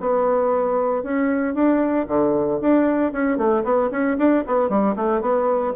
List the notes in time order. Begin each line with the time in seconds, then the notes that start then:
0.00 B3
1.03 C#4
1.54 D4
2.07 D3
2.61 D4
3.12 C#4
3.37 A3
3.64 B3
3.91 C#4
4.18 D4
4.47 B3
4.69 G3
4.96 A3
5.21 B3